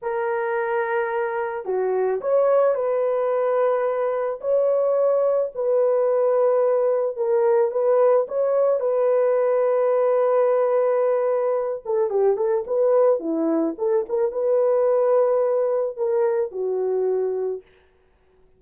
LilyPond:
\new Staff \with { instrumentName = "horn" } { \time 4/4 \tempo 4 = 109 ais'2. fis'4 | cis''4 b'2. | cis''2 b'2~ | b'4 ais'4 b'4 cis''4 |
b'1~ | b'4. a'8 g'8 a'8 b'4 | e'4 a'8 ais'8 b'2~ | b'4 ais'4 fis'2 | }